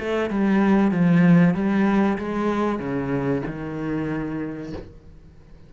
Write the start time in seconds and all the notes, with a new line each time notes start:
0.00 A3
0.31 G3
0.92 F3
1.55 G3
2.18 G#3
2.80 C#3
3.47 D#3